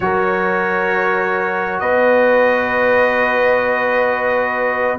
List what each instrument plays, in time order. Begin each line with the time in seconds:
0.00 tuba F#3, trombone F#4, horn A#4, trumpet C#5
1.79 tuba B3, horn B4, trumpet D#5